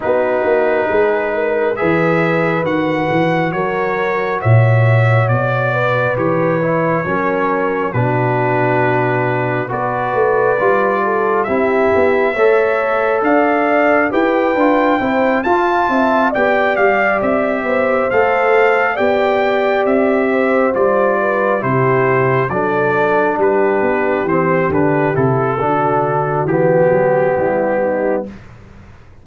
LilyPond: <<
  \new Staff \with { instrumentName = "trumpet" } { \time 4/4 \tempo 4 = 68 b'2 e''4 fis''4 | cis''4 e''4 d''4 cis''4~ | cis''4 b'2 d''4~ | d''4 e''2 f''4 |
g''4. a''4 g''8 f''8 e''8~ | e''8 f''4 g''4 e''4 d''8~ | d''8 c''4 d''4 b'4 c''8 | b'8 a'4. g'2 | }
  \new Staff \with { instrumentName = "horn" } { \time 4/4 fis'4 gis'8 ais'8 b'2 | ais'4 cis''4. b'4. | ais'4 fis'2 b'4~ | b'8 a'8 g'4 cis''4 d''4 |
b'4 c''8 f''8 e''8 d''4. | c''4. d''4. c''4 | b'8 g'4 a'4 g'4.~ | g'4 fis'2 e'8 dis'8 | }
  \new Staff \with { instrumentName = "trombone" } { \time 4/4 dis'2 gis'4 fis'4~ | fis'2. g'8 e'8 | cis'4 d'2 fis'4 | f'4 e'4 a'2 |
g'8 f'8 e'8 f'4 g'4.~ | g'8 a'4 g'2 f'8~ | f'8 e'4 d'2 c'8 | d'8 e'8 d'4 b2 | }
  \new Staff \with { instrumentName = "tuba" } { \time 4/4 b8 ais8 gis4 e4 dis8 e8 | fis4 ais,4 b,4 e4 | fis4 b,2 b8 a8 | g4 c'8 b8 a4 d'4 |
e'8 d'8 c'8 f'8 c'8 b8 g8 c'8 | b8 a4 b4 c'4 g8~ | g8 c4 fis4 g8 b8 e8 | d8 c8 d4 e8 fis8 g4 | }
>>